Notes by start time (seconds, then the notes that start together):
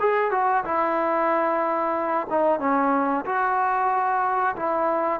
0.00 G#4
0.31 F#4
0.64 E4
2.30 D#4
2.59 C#4
3.25 F#4
4.56 E4